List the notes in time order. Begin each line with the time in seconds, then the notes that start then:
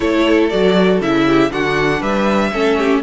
0.00 A3 E4 A4 C#5
0.49 F#3 F#4 D5
1.00 C#3 E4 E5
1.26 G4
1.49 D3 D4 F#4 F#5
2.00 G3 B4 E5
2.52 A3 C#4 A4
2.77 G4